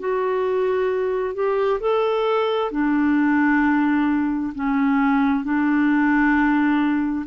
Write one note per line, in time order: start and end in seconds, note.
0.00 1.35 F#4
1.35 1.81 G4
1.81 2.71 A4
2.72 4.54 D4
4.55 5.44 C#4
5.44 7.26 D4